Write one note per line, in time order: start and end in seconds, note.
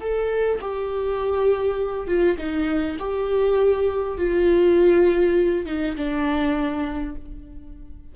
0.00 0.59 A4
0.60 2.07 G4
2.07 2.37 F4
2.37 2.96 D#4
2.99 4.17 G4
4.17 5.65 F4
5.65 5.95 D#4
5.96 7.15 D4